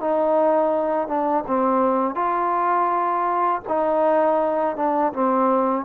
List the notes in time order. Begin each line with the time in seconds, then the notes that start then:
0.00 D#4
1.07 D4
1.47 C4
2.15 F4
3.68 D#4
4.76 D4
5.13 C4